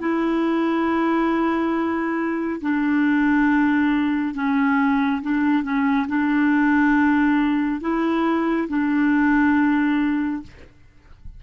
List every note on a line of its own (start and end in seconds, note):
0.00 2.61 E4
2.61 4.34 D4
4.34 5.21 C#4
5.22 5.63 D4
5.63 6.07 C#4
6.08 7.81 D4
7.81 8.68 E4
8.69 10.43 D4